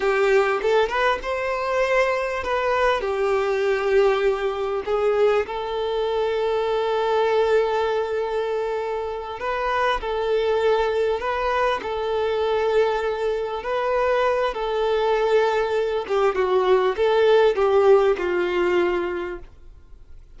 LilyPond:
\new Staff \with { instrumentName = "violin" } { \time 4/4 \tempo 4 = 99 g'4 a'8 b'8 c''2 | b'4 g'2. | gis'4 a'2.~ | a'2.~ a'8 b'8~ |
b'8 a'2 b'4 a'8~ | a'2~ a'8 b'4. | a'2~ a'8 g'8 fis'4 | a'4 g'4 f'2 | }